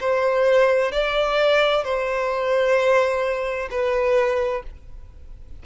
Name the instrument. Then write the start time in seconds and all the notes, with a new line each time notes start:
violin
0.00 C5
0.92 D5
1.84 C5
3.71 B4